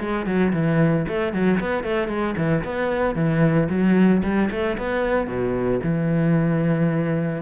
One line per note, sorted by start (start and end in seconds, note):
0.00 0.26 G#3
0.26 0.53 F#3
0.53 1.06 E3
1.08 1.33 A3
1.33 1.60 F#3
1.60 1.84 B3
1.84 2.08 A3
2.08 2.35 G#3
2.37 2.64 E3
2.64 3.15 B3
3.15 3.68 E3
3.70 4.23 F#3
4.23 4.50 G3
4.51 4.77 A3
4.78 5.27 B3
5.27 5.80 B2
5.83 7.42 E3